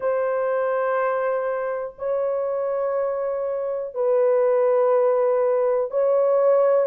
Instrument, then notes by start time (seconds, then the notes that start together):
horn
0.00 C5
1.98 C#5
3.94 B4
5.90 C#5